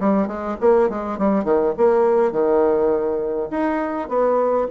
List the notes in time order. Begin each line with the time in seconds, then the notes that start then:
0.00 G3
0.27 G#3
0.61 A#3
0.89 G#3
1.18 G3
1.45 D#3
1.78 A#3
2.32 D#3
3.51 D#4
4.09 B3